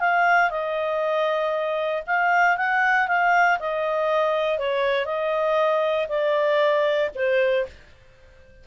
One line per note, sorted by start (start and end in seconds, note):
0.00 0.51 F5
0.51 2.03 D#5
2.07 2.57 F5
2.57 3.08 F#5
3.08 3.59 F5
3.60 4.59 D#5
4.59 5.06 C#5
5.06 6.07 D#5
6.09 7.11 D5
7.15 7.66 C5